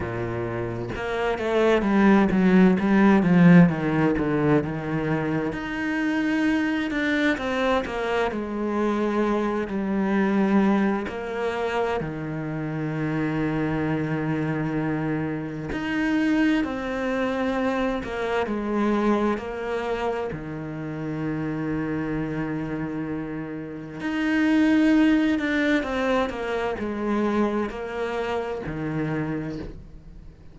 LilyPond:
\new Staff \with { instrumentName = "cello" } { \time 4/4 \tempo 4 = 65 ais,4 ais8 a8 g8 fis8 g8 f8 | dis8 d8 dis4 dis'4. d'8 | c'8 ais8 gis4. g4. | ais4 dis2.~ |
dis4 dis'4 c'4. ais8 | gis4 ais4 dis2~ | dis2 dis'4. d'8 | c'8 ais8 gis4 ais4 dis4 | }